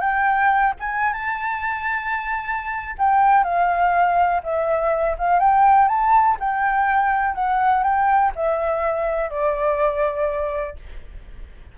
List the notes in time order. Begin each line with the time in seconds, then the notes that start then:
0.00 G5
0.80 G#5
1.13 A5
2.98 G5
3.43 F5
4.43 E5
5.18 F5
5.39 G5
5.88 A5
6.39 G5
7.34 F#5
7.83 G5
8.35 E5
9.30 D5